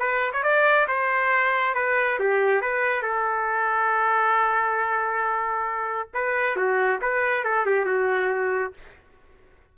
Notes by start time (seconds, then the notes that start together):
0.00 B4
0.33 C#5
0.43 D5
0.88 C5
1.75 B4
2.20 G4
2.62 B4
3.03 A4
6.14 B4
6.57 F#4
7.02 B4
7.45 A4
7.66 G4
7.86 F#4